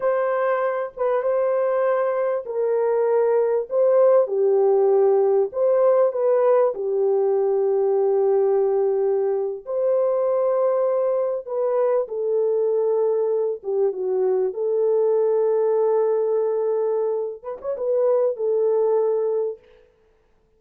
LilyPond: \new Staff \with { instrumentName = "horn" } { \time 4/4 \tempo 4 = 98 c''4. b'8 c''2 | ais'2 c''4 g'4~ | g'4 c''4 b'4 g'4~ | g'2.~ g'8. c''16~ |
c''2~ c''8. b'4 a'16~ | a'2~ a'16 g'8 fis'4 a'16~ | a'1~ | a'8 b'16 cis''16 b'4 a'2 | }